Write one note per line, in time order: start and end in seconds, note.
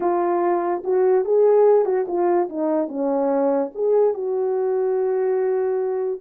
0.00 0.83 F4
0.84 1.25 F#4
1.25 1.85 G#4
1.85 2.06 F#4
2.07 2.48 F4
2.49 2.88 D#4
2.88 3.70 C#4
3.74 4.14 G#4
4.14 6.21 F#4